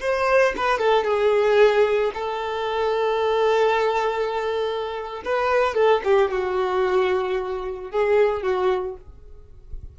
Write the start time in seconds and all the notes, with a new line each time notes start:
0.00 C5
0.56 B4
0.78 A4
1.04 G#4
2.14 A4
5.25 B4
5.74 A4
6.04 G4
6.31 F#4
7.90 G#4
8.42 F#4